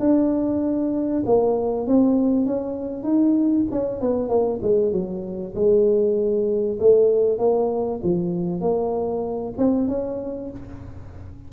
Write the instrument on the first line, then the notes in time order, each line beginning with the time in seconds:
tuba
0.00 D4
1.26 A#3
1.87 C4
2.46 C#4
3.04 D#4
3.72 C#4
4.01 B3
4.29 A#3
4.62 G#3
4.93 F#3
5.55 G#3
6.80 A3
7.39 A#3
8.04 F3
8.61 A#3
9.58 C4
9.88 C#4